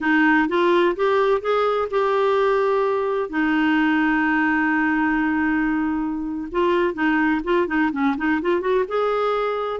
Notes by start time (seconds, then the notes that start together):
0.01 D#4
0.48 F4
0.96 G4
1.41 G#4
1.90 G4
3.29 D#4
6.51 F4
6.94 D#4
7.44 F4
7.67 D#4
7.91 C#4
8.17 D#4
8.41 F4
8.60 F#4
8.88 G#4